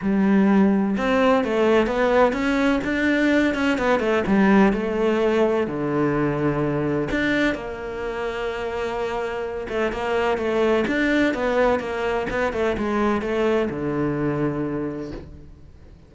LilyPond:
\new Staff \with { instrumentName = "cello" } { \time 4/4 \tempo 4 = 127 g2 c'4 a4 | b4 cis'4 d'4. cis'8 | b8 a8 g4 a2 | d2. d'4 |
ais1~ | ais8 a8 ais4 a4 d'4 | b4 ais4 b8 a8 gis4 | a4 d2. | }